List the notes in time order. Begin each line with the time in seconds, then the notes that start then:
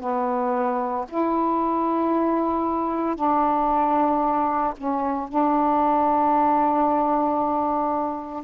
0.00 B3
1.08 E4
3.15 D4
4.77 C#4
5.28 D4